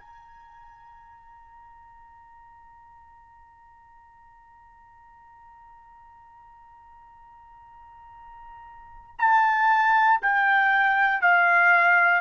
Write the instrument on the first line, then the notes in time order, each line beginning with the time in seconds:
trumpet
0.00 A#5
9.18 A5
10.22 G5
11.21 F5